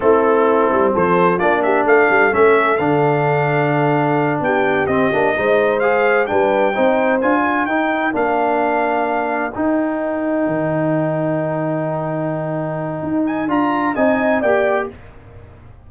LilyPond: <<
  \new Staff \with { instrumentName = "trumpet" } { \time 4/4 \tempo 4 = 129 a'2 c''4 d''8 e''8 | f''4 e''4 f''2~ | f''4. g''4 dis''4.~ | dis''8 f''4 g''2 gis''8~ |
gis''8 g''4 f''2~ f''8~ | f''8 g''2.~ g''8~ | g''1~ | g''8 gis''8 ais''4 gis''4 g''4 | }
  \new Staff \with { instrumentName = "horn" } { \time 4/4 e'2 a'4 f'8 g'8 | a'1~ | a'4. g'2 c''8~ | c''4. b'4 c''4. |
ais'1~ | ais'1~ | ais'1~ | ais'2 dis''4 d''4 | }
  \new Staff \with { instrumentName = "trombone" } { \time 4/4 c'2. d'4~ | d'4 cis'4 d'2~ | d'2~ d'8 c'8 d'8 dis'8~ | dis'8 gis'4 d'4 dis'4 f'8~ |
f'8 dis'4 d'2~ d'8~ | d'8 dis'2.~ dis'8~ | dis'1~ | dis'4 f'4 dis'4 g'4 | }
  \new Staff \with { instrumentName = "tuba" } { \time 4/4 a4. g8 f4 ais4 | a8 g8 a4 d2~ | d4. b4 c'8 ais8 gis8~ | gis4. g4 c'4 d'8~ |
d'8 dis'4 ais2~ ais8~ | ais8 dis'2 dis4.~ | dis1 | dis'4 d'4 c'4 ais4 | }
>>